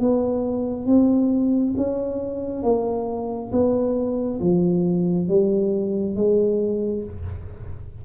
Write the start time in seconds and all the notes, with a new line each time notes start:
0.00 B3
0.86 C4
1.77 C#4
2.63 A#3
3.52 B3
4.41 F3
5.28 G3
6.16 G#3